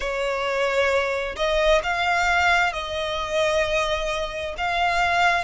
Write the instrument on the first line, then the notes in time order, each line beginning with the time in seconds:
violin
0.00 C#5
1.36 D#5
1.83 F5
2.73 D#5
4.57 F5